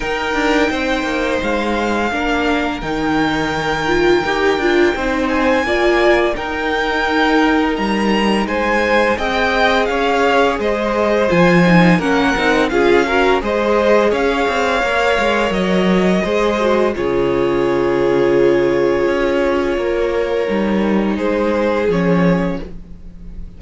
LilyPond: <<
  \new Staff \with { instrumentName = "violin" } { \time 4/4 \tempo 4 = 85 g''2 f''2 | g''2.~ g''8 gis''8~ | gis''4 g''2 ais''4 | gis''4 g''4 f''4 dis''4 |
gis''4 fis''4 f''4 dis''4 | f''2 dis''2 | cis''1~ | cis''2 c''4 cis''4 | }
  \new Staff \with { instrumentName = "violin" } { \time 4/4 ais'4 c''2 ais'4~ | ais'2. c''4 | d''4 ais'2. | c''4 dis''4 cis''4 c''4~ |
c''4 ais'4 gis'8 ais'8 c''4 | cis''2. c''4 | gis'1 | ais'2 gis'2 | }
  \new Staff \with { instrumentName = "viola" } { \time 4/4 dis'2. d'4 | dis'4. f'8 g'8 f'8 dis'4 | f'4 dis'2.~ | dis'4 gis'2. |
f'8 dis'8 cis'8 dis'8 f'8 fis'8 gis'4~ | gis'4 ais'2 gis'8 fis'8 | f'1~ | f'4 dis'2 cis'4 | }
  \new Staff \with { instrumentName = "cello" } { \time 4/4 dis'8 d'8 c'8 ais8 gis4 ais4 | dis2 dis'8 d'8 c'4 | ais4 dis'2 g4 | gis4 c'4 cis'4 gis4 |
f4 ais8 c'8 cis'4 gis4 | cis'8 c'8 ais8 gis8 fis4 gis4 | cis2. cis'4 | ais4 g4 gis4 f4 | }
>>